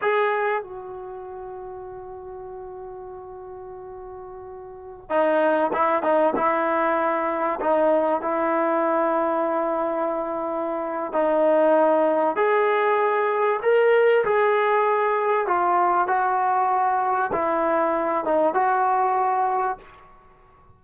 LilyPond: \new Staff \with { instrumentName = "trombone" } { \time 4/4 \tempo 4 = 97 gis'4 fis'2.~ | fis'1~ | fis'16 dis'4 e'8 dis'8 e'4.~ e'16~ | e'16 dis'4 e'2~ e'8.~ |
e'2 dis'2 | gis'2 ais'4 gis'4~ | gis'4 f'4 fis'2 | e'4. dis'8 fis'2 | }